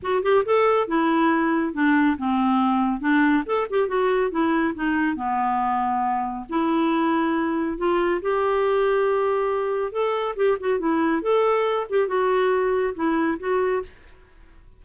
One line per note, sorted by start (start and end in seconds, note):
0.02 0.23 F#4
0.23 0.44 G4
0.45 0.87 A4
0.87 1.73 E4
1.73 2.16 D4
2.18 3.00 C4
3.00 3.43 D4
3.45 3.67 A4
3.70 3.88 G4
3.88 4.30 F#4
4.30 4.74 E4
4.74 5.16 D#4
5.16 6.45 B3
6.49 7.77 E4
7.77 8.20 F4
8.21 9.92 G4
9.92 10.35 A4
10.36 10.57 G4
10.60 10.79 F#4
10.79 11.22 E4
11.22 11.86 A4
11.89 12.07 G4
12.07 12.94 F#4
12.94 13.37 E4
13.39 13.82 F#4